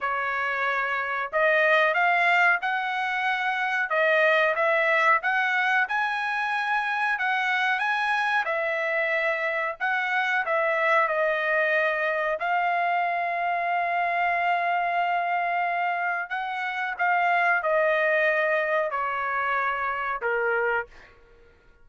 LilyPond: \new Staff \with { instrumentName = "trumpet" } { \time 4/4 \tempo 4 = 92 cis''2 dis''4 f''4 | fis''2 dis''4 e''4 | fis''4 gis''2 fis''4 | gis''4 e''2 fis''4 |
e''4 dis''2 f''4~ | f''1~ | f''4 fis''4 f''4 dis''4~ | dis''4 cis''2 ais'4 | }